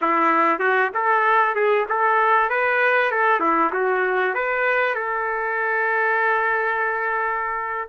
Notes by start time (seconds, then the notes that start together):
0.01 E4
0.59 F#4
0.93 A4
1.55 G#4
1.88 A4
2.49 B4
3.11 A4
3.40 E4
3.73 F#4
4.34 B4
4.94 A4